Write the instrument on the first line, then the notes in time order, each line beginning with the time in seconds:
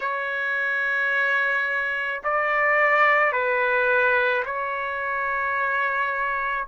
trumpet
0.00 C#5
2.23 D5
3.32 B4
4.44 C#5